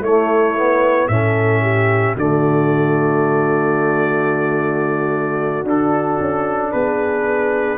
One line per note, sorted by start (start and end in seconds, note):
0.00 1.07 A3
0.00 0.57 A3
0.00 1.10 E4
0.00 1.08 C#5
0.57 1.10 B3
1.08 2.16 A2
1.08 2.17 C#4
1.08 1.62 A4
1.08 2.15 E5
1.62 2.15 G4
2.15 5.64 D3
2.15 5.66 A3
2.15 6.71 F#4
2.15 5.67 D5
5.64 6.17 D4
5.64 7.78 D4
5.64 6.72 A4
6.20 6.73 C#4
6.72 7.78 B3
6.72 7.78 G#4
6.72 7.78 B4